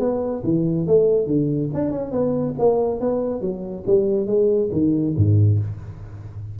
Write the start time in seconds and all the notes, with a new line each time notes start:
0.00 B3
0.44 E3
0.87 A3
1.27 D3
1.74 D4
1.91 C#4
2.12 B3
2.59 A#3
3.00 B3
3.41 F#3
3.87 G3
4.27 G#3
4.72 D#3
5.17 G#2